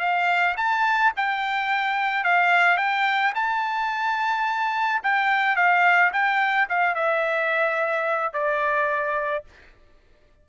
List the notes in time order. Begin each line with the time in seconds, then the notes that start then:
0.00 F5
0.57 A5
1.17 G5
2.24 F5
2.78 G5
3.36 A5
5.04 G5
5.57 F5
6.13 G5
6.70 F5
6.95 E5
8.34 D5